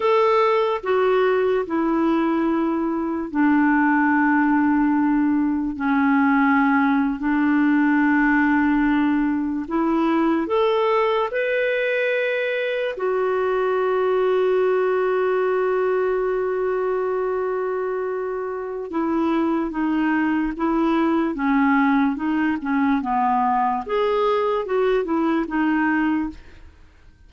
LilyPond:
\new Staff \with { instrumentName = "clarinet" } { \time 4/4 \tempo 4 = 73 a'4 fis'4 e'2 | d'2. cis'4~ | cis'8. d'2. e'16~ | e'8. a'4 b'2 fis'16~ |
fis'1~ | fis'2. e'4 | dis'4 e'4 cis'4 dis'8 cis'8 | b4 gis'4 fis'8 e'8 dis'4 | }